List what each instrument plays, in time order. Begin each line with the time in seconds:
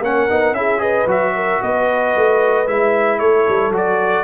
0.00 tuba A#3, trombone C#4, horn A#4, trumpet F#5
0.30 tuba B3, trombone D#4
0.52 tuba C#4, trombone E4, horn G#4, trumpet E5
0.79 trombone G#4, horn B4, trumpet D#5
1.06 tuba F#3, trombone F#4, trumpet E5
1.36 horn A#4
1.62 tuba B3, horn B4, trumpet D#5
2.16 tuba A3
2.67 tuba G#3, trombone E4, trumpet E5
3.19 tuba A3, horn A4, trumpet C#5
3.49 tuba G3
3.70 tuba F#3, trombone F#4
3.77 trumpet D5